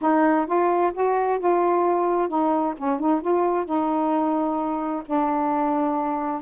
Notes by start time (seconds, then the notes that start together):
0.01 D#4
0.46 F4
0.93 F#4
1.39 F4
2.28 D#4
2.77 C#4
2.99 D#4
3.21 F4
3.65 D#4
5.05 D4